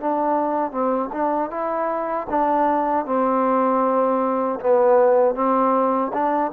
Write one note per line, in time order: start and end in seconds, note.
0.00 0.71 D4
0.71 1.09 C4
1.13 1.50 D4
1.50 2.27 E4
2.29 3.06 D4
3.06 4.59 C4
4.60 5.35 B3
5.35 6.12 C4
6.13 6.52 D4